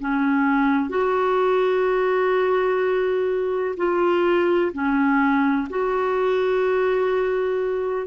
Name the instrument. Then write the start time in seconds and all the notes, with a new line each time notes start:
clarinet
0.00 C#4
0.90 F#4
3.77 F4
4.73 C#4
5.70 F#4